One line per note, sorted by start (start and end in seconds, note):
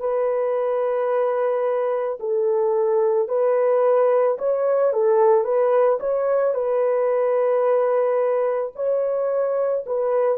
0.00 2.18 B4
2.20 3.28 A4
3.28 4.37 B4
4.38 4.93 C#5
4.93 5.44 A4
5.44 5.99 B4
6.00 6.54 C#5
6.54 8.72 B4
8.75 9.84 C#5
9.86 10.38 B4